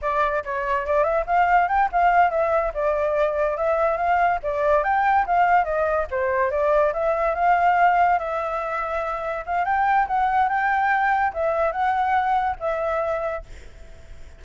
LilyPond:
\new Staff \with { instrumentName = "flute" } { \time 4/4 \tempo 4 = 143 d''4 cis''4 d''8 e''8 f''4 | g''8 f''4 e''4 d''4.~ | d''8 e''4 f''4 d''4 g''8~ | g''8 f''4 dis''4 c''4 d''8~ |
d''8 e''4 f''2 e''8~ | e''2~ e''8 f''8 g''4 | fis''4 g''2 e''4 | fis''2 e''2 | }